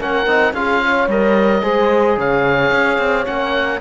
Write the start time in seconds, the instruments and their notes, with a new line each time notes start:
0.00 cello A#3, trombone C#4, horn A#4, oboe F#5
0.27 cello C4, trombone D#4
0.54 cello C#4, trombone F4, horn G#4, oboe F5
0.82 horn C#5
1.08 cello G3, trombone A#4, oboe D#5
1.63 cello G#3, trombone G#4, horn C5
2.17 cello C#3, horn C#5, oboe F5
2.72 cello C#4
2.99 cello C4
3.26 cello A#3, trombone C#4, oboe F#5